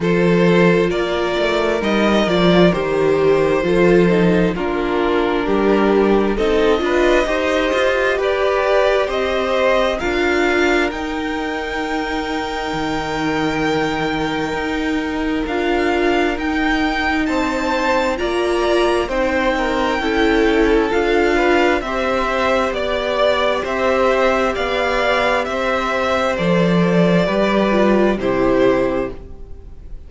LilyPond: <<
  \new Staff \with { instrumentName = "violin" } { \time 4/4 \tempo 4 = 66 c''4 d''4 dis''8 d''8 c''4~ | c''4 ais'2 dis''4~ | dis''4 d''4 dis''4 f''4 | g''1~ |
g''4 f''4 g''4 a''4 | ais''4 g''2 f''4 | e''4 d''4 e''4 f''4 | e''4 d''2 c''4 | }
  \new Staff \with { instrumentName = "violin" } { \time 4/4 a'4 ais'2. | a'4 f'4 g'4 a'8 b'8 | c''4 b'4 c''4 ais'4~ | ais'1~ |
ais'2. c''4 | d''4 c''8 ais'8 a'4. b'8 | c''4 d''4 c''4 d''4 | c''2 b'4 g'4 | }
  \new Staff \with { instrumentName = "viola" } { \time 4/4 f'2 dis'8 f'8 g'4 | f'8 dis'8 d'2 dis'8 f'8 | g'2. f'4 | dis'1~ |
dis'4 f'4 dis'2 | f'4 dis'4 e'4 f'4 | g'1~ | g'4 a'4 g'8 f'8 e'4 | }
  \new Staff \with { instrumentName = "cello" } { \time 4/4 f4 ais8 a8 g8 f8 dis4 | f4 ais4 g4 c'8 d'8 | dis'8 f'8 g'4 c'4 d'4 | dis'2 dis2 |
dis'4 d'4 dis'4 c'4 | ais4 c'4 cis'4 d'4 | c'4 b4 c'4 b4 | c'4 f4 g4 c4 | }
>>